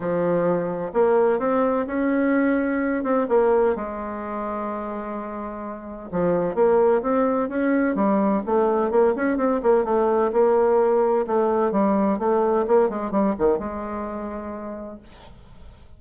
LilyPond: \new Staff \with { instrumentName = "bassoon" } { \time 4/4 \tempo 4 = 128 f2 ais4 c'4 | cis'2~ cis'8 c'8 ais4 | gis1~ | gis4 f4 ais4 c'4 |
cis'4 g4 a4 ais8 cis'8 | c'8 ais8 a4 ais2 | a4 g4 a4 ais8 gis8 | g8 dis8 gis2. | }